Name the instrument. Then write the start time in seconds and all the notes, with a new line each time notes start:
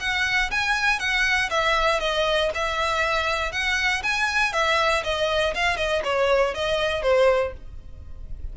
violin
0.00 F#5
0.51 G#5
0.99 F#5
1.50 E5
2.00 D#5
2.54 E5
3.52 F#5
4.03 G#5
4.53 E5
5.04 D#5
5.54 F5
5.77 D#5
6.04 C#5
6.55 D#5
7.03 C5